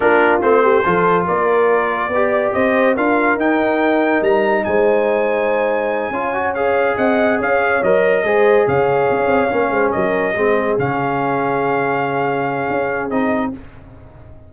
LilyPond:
<<
  \new Staff \with { instrumentName = "trumpet" } { \time 4/4 \tempo 4 = 142 ais'4 c''2 d''4~ | d''2 dis''4 f''4 | g''2 ais''4 gis''4~ | gis''2.~ gis''8 f''8~ |
f''8 fis''4 f''4 dis''4.~ | dis''8 f''2. dis''8~ | dis''4. f''2~ f''8~ | f''2. dis''4 | }
  \new Staff \with { instrumentName = "horn" } { \time 4/4 f'4. g'8 a'4 ais'4~ | ais'4 d''4 c''4 ais'4~ | ais'2. c''4~ | c''2~ c''8 cis''4.~ |
cis''8 dis''4 cis''2 c''8~ | c''8 cis''2~ cis''8 c''8 ais'8~ | ais'8 gis'2.~ gis'8~ | gis'1 | }
  \new Staff \with { instrumentName = "trombone" } { \time 4/4 d'4 c'4 f'2~ | f'4 g'2 f'4 | dis'1~ | dis'2~ dis'8 f'8 fis'8 gis'8~ |
gis'2~ gis'8 ais'4 gis'8~ | gis'2~ gis'8 cis'4.~ | cis'8 c'4 cis'2~ cis'8~ | cis'2. dis'4 | }
  \new Staff \with { instrumentName = "tuba" } { \time 4/4 ais4 a4 f4 ais4~ | ais4 b4 c'4 d'4 | dis'2 g4 gis4~ | gis2~ gis8 cis'4.~ |
cis'8 c'4 cis'4 fis4 gis8~ | gis8 cis4 cis'8 c'8 ais8 gis8 fis8~ | fis8 gis4 cis2~ cis8~ | cis2 cis'4 c'4 | }
>>